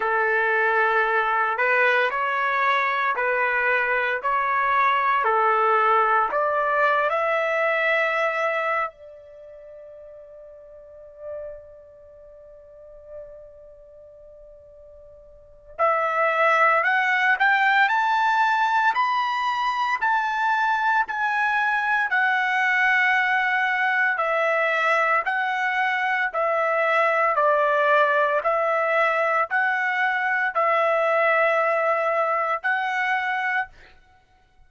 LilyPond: \new Staff \with { instrumentName = "trumpet" } { \time 4/4 \tempo 4 = 57 a'4. b'8 cis''4 b'4 | cis''4 a'4 d''8. e''4~ e''16~ | e''8 d''2.~ d''8~ | d''2. e''4 |
fis''8 g''8 a''4 b''4 a''4 | gis''4 fis''2 e''4 | fis''4 e''4 d''4 e''4 | fis''4 e''2 fis''4 | }